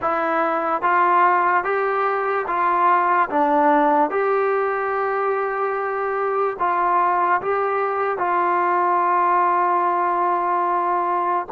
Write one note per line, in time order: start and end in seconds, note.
0.01 0.81 E4
0.81 1.64 F4
1.64 2.46 G4
2.47 3.29 F4
3.29 4.10 D4
4.10 6.56 G4
6.59 7.41 F4
7.41 8.18 G4
8.18 11.47 F4